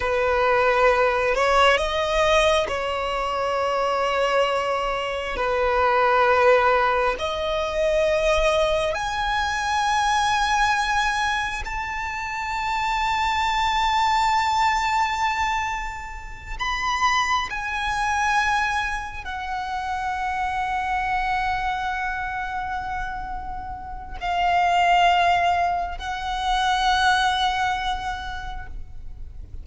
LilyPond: \new Staff \with { instrumentName = "violin" } { \time 4/4 \tempo 4 = 67 b'4. cis''8 dis''4 cis''4~ | cis''2 b'2 | dis''2 gis''2~ | gis''4 a''2.~ |
a''2~ a''8 b''4 gis''8~ | gis''4. fis''2~ fis''8~ | fis''2. f''4~ | f''4 fis''2. | }